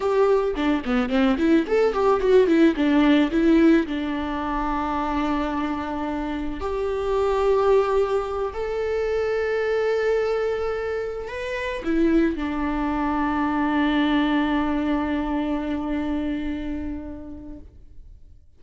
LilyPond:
\new Staff \with { instrumentName = "viola" } { \time 4/4 \tempo 4 = 109 g'4 d'8 b8 c'8 e'8 a'8 g'8 | fis'8 e'8 d'4 e'4 d'4~ | d'1 | g'2.~ g'8 a'8~ |
a'1~ | a'8 b'4 e'4 d'4.~ | d'1~ | d'1 | }